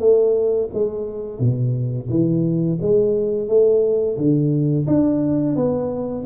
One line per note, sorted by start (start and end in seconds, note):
0.00 0.69 A3
0.74 1.40 G#3
1.40 2.09 B2
2.10 2.79 E3
2.81 3.48 G#3
3.48 4.17 A3
4.18 4.87 D3
4.87 5.56 D4
5.56 6.25 B3